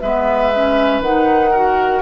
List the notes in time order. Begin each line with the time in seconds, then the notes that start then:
0.00 G#3 B3 B4 E5
0.55 C#4
1.00 D#3 D#4 F#5
1.51 F#4 A#4